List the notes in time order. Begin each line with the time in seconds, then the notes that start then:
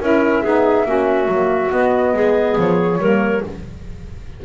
0.00 C#4 E4 A#4 E5
0.42 B3 D#4 G#4
0.85 A#3 C#4 F#4
1.27 F#3 A#3
1.68 B3 D#5
2.13 G#3 G#4
2.57 F3 C#5
2.98 G3 A#3 A#4